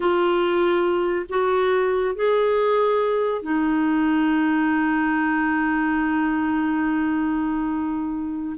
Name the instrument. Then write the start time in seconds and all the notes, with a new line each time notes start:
clarinet
0.00 F4
1.29 F#4
2.15 G#4
3.41 D#4